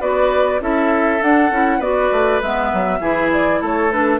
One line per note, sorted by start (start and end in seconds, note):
0.00 0.60 B3
0.00 0.60 F#4
0.00 0.60 B4
0.00 0.60 D5
0.60 1.20 C#4
0.60 1.20 E4
0.60 1.78 A4
0.60 1.22 E5
1.20 1.50 D4
1.20 1.81 F#5
1.50 1.79 C#4
1.50 1.81 E4
1.78 2.09 B3
1.78 2.41 F#4
1.78 2.98 B4
1.78 2.41 D5
2.12 2.42 A3
2.41 2.72 G#3
2.41 3.00 B3
2.41 3.31 E5
2.73 3.00 F#3
3.00 3.60 E3
3.00 3.90 E4
3.00 3.60 G#4
3.32 3.62 D5
3.61 4.19 A3
3.61 4.19 A4
3.61 3.91 C#5
3.91 4.19 D4
3.91 4.19 B4